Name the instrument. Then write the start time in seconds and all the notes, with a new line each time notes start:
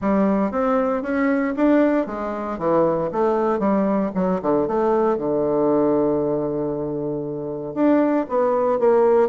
bassoon
0.01 G3
0.51 C4
1.02 C#4
1.56 D4
2.06 G#3
2.58 E3
3.12 A3
3.59 G3
4.14 F#3
4.42 D3
4.67 A3
5.17 D3
7.74 D4
8.29 B3
8.79 A#3